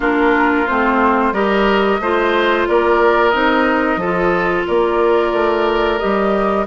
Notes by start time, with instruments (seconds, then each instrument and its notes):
0.00 bassoon A#3, clarinet D4, oboe F4, flute A#4
0.66 bassoon A3, clarinet C4, flute C5
1.32 bassoon G3, clarinet G4, oboe A#4, flute D#5
2.00 bassoon A3, clarinet F4, oboe C5
2.68 bassoon A#3, oboe A#4, flute D5
3.29 bassoon C4, clarinet D#4, flute D#5
3.96 bassoon F3, oboe A4
4.02 clarinet F4
4.67 bassoon A#3, oboe A#4, flute D5
5.32 bassoon A3
5.98 bassoon G3, clarinet G4, flute D#5